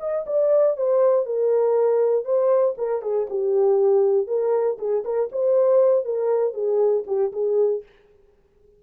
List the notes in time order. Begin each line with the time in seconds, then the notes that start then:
0.00 D#5
0.27 D5
0.77 C5
1.26 A#4
2.25 C5
2.78 A#4
3.02 G#4
3.30 G4
4.28 A#4
4.79 G#4
5.05 A#4
5.32 C5
6.05 A#4
6.54 G#4
7.07 G4
7.33 G#4